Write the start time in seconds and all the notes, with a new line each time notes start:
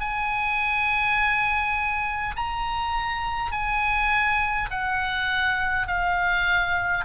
0.00 G#5
2.36 A#5
3.52 G#5
4.71 F#5
5.88 F5